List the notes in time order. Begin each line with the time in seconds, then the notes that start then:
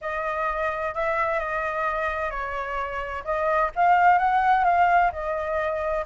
0.01 D#5
0.94 E5
1.39 D#5
2.30 C#5
3.24 D#5
3.75 F5
4.18 F#5
4.64 F5
5.12 D#5